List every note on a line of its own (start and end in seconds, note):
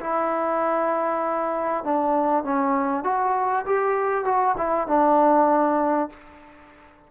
0.00 1.84 E4
1.84 2.43 D4
2.43 3.04 C#4
3.04 3.65 F#4
3.65 4.24 G4
4.24 4.55 F#4
4.57 4.87 E4
4.87 6.10 D4